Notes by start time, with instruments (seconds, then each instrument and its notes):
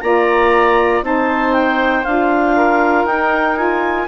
0.00 bassoon A#3, saxophone F4, oboe D5, clarinet A#5
1.01 bassoon C4, saxophone D#4, oboe C5, clarinet A5
1.53 clarinet G5
2.03 bassoon D4, saxophone F4, clarinet F5
2.56 oboe A#4
3.04 bassoon D#4, saxophone D#4, clarinet G5
3.56 saxophone F4, clarinet G#5